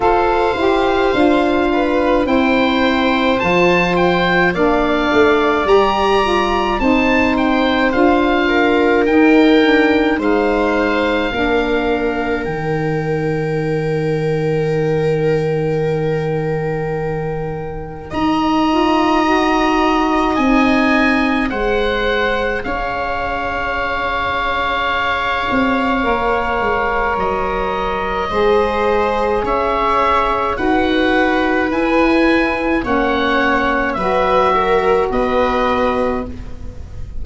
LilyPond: <<
  \new Staff \with { instrumentName = "oboe" } { \time 4/4 \tempo 4 = 53 f''2 g''4 a''8 g''8 | f''4 ais''4 a''8 g''8 f''4 | g''4 f''2 g''4~ | g''1 |
ais''2 gis''4 fis''4 | f''1 | dis''2 e''4 fis''4 | gis''4 fis''4 e''4 dis''4 | }
  \new Staff \with { instrumentName = "viola" } { \time 4/4 c''4. b'8 c''2 | d''2 c''4. ais'8~ | ais'4 c''4 ais'2~ | ais'1 |
dis''2. c''4 | cis''1~ | cis''4 c''4 cis''4 b'4~ | b'4 cis''4 b'8 ais'8 b'4 | }
  \new Staff \with { instrumentName = "saxophone" } { \time 4/4 a'8 g'8 f'4 e'4 f'4 | d'4 g'8 f'8 dis'4 f'4 | dis'8 d'8 dis'4 d'4 dis'4~ | dis'1~ |
dis'8 f'8 fis'4 dis'4 gis'4~ | gis'2. ais'4~ | ais'4 gis'2 fis'4 | e'4 cis'4 fis'2 | }
  \new Staff \with { instrumentName = "tuba" } { \time 4/4 f'8 e'8 d'4 c'4 f4 | ais8 a8 g4 c'4 d'4 | dis'4 gis4 ais4 dis4~ | dis1 |
dis'2 c'4 gis4 | cis'2~ cis'8 c'8 ais8 gis8 | fis4 gis4 cis'4 dis'4 | e'4 ais4 fis4 b4 | }
>>